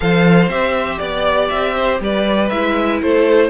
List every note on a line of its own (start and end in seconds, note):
0.00 0.48 F3
0.00 0.47 A4
0.00 0.99 C5
0.00 0.49 F5
0.48 0.98 C4
0.48 2.50 G4
0.48 0.98 E5
0.98 1.49 B3
0.98 1.48 D5
0.98 1.74 D5
1.48 2.00 C4
1.48 1.98 E5
1.76 2.01 C5
2.00 2.50 G3
2.00 3.02 B4
2.00 2.49 D5
2.49 3.01 G#3
2.49 3.49 E4
2.49 2.99 E5
3.01 3.49 A3
3.01 3.49 A4
3.01 3.49 C5